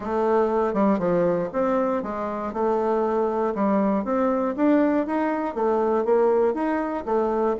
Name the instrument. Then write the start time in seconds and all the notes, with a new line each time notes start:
bassoon
0.00 A3
0.73 G3
0.98 F3
1.52 C4
2.02 G#3
2.53 A3
3.54 G3
4.04 C4
4.56 D4
5.06 D#4
5.55 A3
6.05 A#3
6.53 D#4
7.05 A3